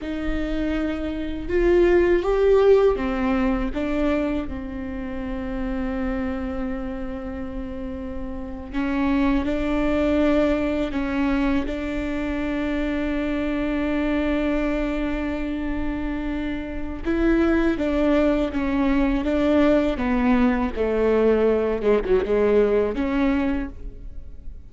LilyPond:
\new Staff \with { instrumentName = "viola" } { \time 4/4 \tempo 4 = 81 dis'2 f'4 g'4 | c'4 d'4 c'2~ | c'2.~ c'8. cis'16~ | cis'8. d'2 cis'4 d'16~ |
d'1~ | d'2. e'4 | d'4 cis'4 d'4 b4 | a4. gis16 fis16 gis4 cis'4 | }